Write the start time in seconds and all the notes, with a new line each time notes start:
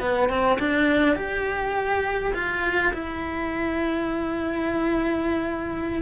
0.00 B3
0.29 C4
0.59 D4
1.16 G4
2.34 F4
2.93 E4